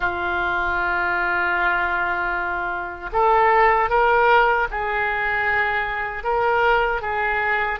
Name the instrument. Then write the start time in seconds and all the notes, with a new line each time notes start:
oboe
0.00 F4
3.12 A4
3.89 A#4
4.70 G#4
6.23 A#4
7.01 G#4